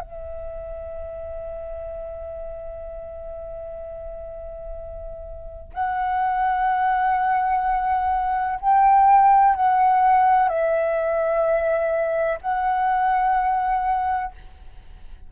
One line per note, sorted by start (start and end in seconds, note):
0.00 5.71 E5
5.74 8.59 F#5
8.61 9.55 G5
9.55 10.48 F#5
10.48 12.39 E5
12.41 14.32 F#5